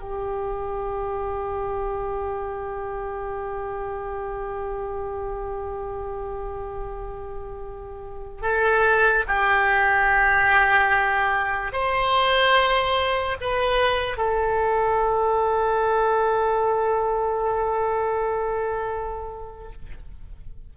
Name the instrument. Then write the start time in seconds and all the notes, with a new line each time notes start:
oboe
0.00 G4
8.42 A4
9.28 G4
11.73 C5
13.41 B4
14.17 A4